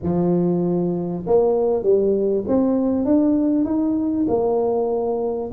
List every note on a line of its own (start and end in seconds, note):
0.03 1.25 F3
1.26 1.83 A#3
1.83 2.44 G3
2.47 3.05 C4
3.05 3.64 D4
3.64 4.26 D#4
4.28 5.50 A#3